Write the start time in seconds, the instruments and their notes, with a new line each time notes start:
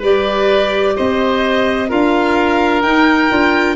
0.00 tuba G3, clarinet G4, oboe B4, violin D5
0.96 tuba C4, oboe C5, violin D#5
1.89 tuba D4, clarinet F4, oboe A#4, violin F5
2.82 tuba D#4, clarinet D#4, violin G5
3.30 tuba D4, clarinet F4